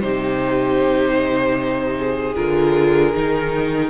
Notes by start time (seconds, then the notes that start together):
0.00 C3 D#4 G4 C5
1.97 G#4
2.35 D3 F4 A#4
3.14 D#3 D#4